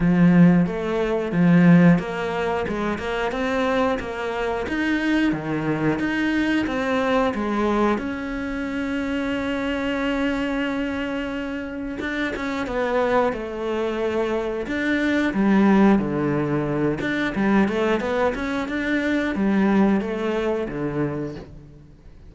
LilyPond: \new Staff \with { instrumentName = "cello" } { \time 4/4 \tempo 4 = 90 f4 a4 f4 ais4 | gis8 ais8 c'4 ais4 dis'4 | dis4 dis'4 c'4 gis4 | cis'1~ |
cis'2 d'8 cis'8 b4 | a2 d'4 g4 | d4. d'8 g8 a8 b8 cis'8 | d'4 g4 a4 d4 | }